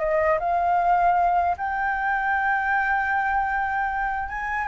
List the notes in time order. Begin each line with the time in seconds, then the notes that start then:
0.00 D#5
0.40 F5
1.58 G5
4.29 G#5